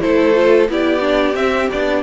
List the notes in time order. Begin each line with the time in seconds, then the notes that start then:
0.00 A3 E4 A4 C5
0.34 F4
0.68 B3 E4 G4 D5
1.00 D4
1.34 C4 E5
1.71 B3 D4 D5